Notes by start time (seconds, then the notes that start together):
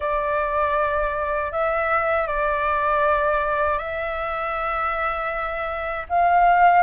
0.00 D5
1.52 E5
2.27 D5
3.78 E5
6.09 F5